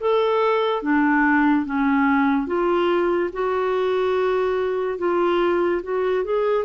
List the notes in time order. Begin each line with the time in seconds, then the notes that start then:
0.00 A4
0.82 D4
1.66 C#4
2.47 F4
3.33 F#4
4.98 F4
5.83 F#4
6.25 G#4